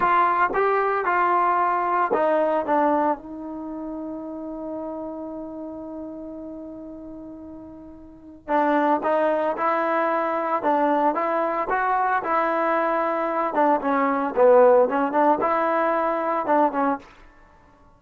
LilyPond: \new Staff \with { instrumentName = "trombone" } { \time 4/4 \tempo 4 = 113 f'4 g'4 f'2 | dis'4 d'4 dis'2~ | dis'1~ | dis'1 |
d'4 dis'4 e'2 | d'4 e'4 fis'4 e'4~ | e'4. d'8 cis'4 b4 | cis'8 d'8 e'2 d'8 cis'8 | }